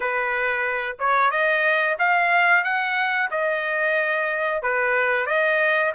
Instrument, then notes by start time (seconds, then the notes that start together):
trumpet
0.00 B4
0.99 C#5
1.30 D#5
1.98 F5
2.63 F#5
3.30 D#5
4.62 B4
5.26 D#5